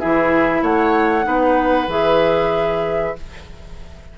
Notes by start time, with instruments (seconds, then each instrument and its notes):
0.00 bassoon E3, clarinet E4, oboe G#4, flute E5
0.63 bassoon A3, oboe C#5, flute F#5
1.23 bassoon B3, clarinet D#4, oboe B4
1.88 bassoon E3, clarinet G#4, flute E5